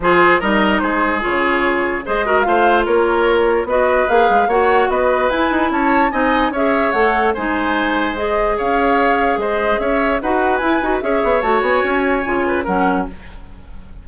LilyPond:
<<
  \new Staff \with { instrumentName = "flute" } { \time 4/4 \tempo 4 = 147 c''4 dis''4 c''4 cis''4~ | cis''4 dis''4 f''4 cis''4~ | cis''4 dis''4 f''4 fis''4 | dis''4 gis''4 a''4 gis''4 |
e''4 fis''4 gis''2 | dis''4 f''2 dis''4 | e''4 fis''4 gis''4 e''4 | a''8 gis''2~ gis''8 fis''4 | }
  \new Staff \with { instrumentName = "oboe" } { \time 4/4 gis'4 ais'4 gis'2~ | gis'4 c''8 ais'8 c''4 ais'4~ | ais'4 b'2 cis''4 | b'2 cis''4 dis''4 |
cis''2 c''2~ | c''4 cis''2 c''4 | cis''4 b'2 cis''4~ | cis''2~ cis''8 b'8 ais'4 | }
  \new Staff \with { instrumentName = "clarinet" } { \time 4/4 f'4 dis'2 f'4~ | f'4 gis'8 fis'8 f'2~ | f'4 fis'4 gis'4 fis'4~ | fis'4 e'2 dis'4 |
gis'4 a'4 dis'2 | gis'1~ | gis'4 fis'4 e'8 fis'8 gis'4 | fis'2 f'4 cis'4 | }
  \new Staff \with { instrumentName = "bassoon" } { \time 4/4 f4 g4 gis4 cis4~ | cis4 gis4 a4 ais4~ | ais4 b4 ais8 gis8 ais4 | b4 e'8 dis'8 cis'4 c'4 |
cis'4 a4 gis2~ | gis4 cis'2 gis4 | cis'4 dis'4 e'8 dis'8 cis'8 b8 | a8 b8 cis'4 cis4 fis4 | }
>>